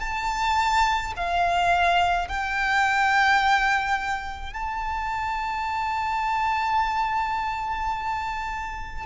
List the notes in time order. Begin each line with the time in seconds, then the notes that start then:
0.00 A5
1.16 F5
2.27 G5
4.53 A5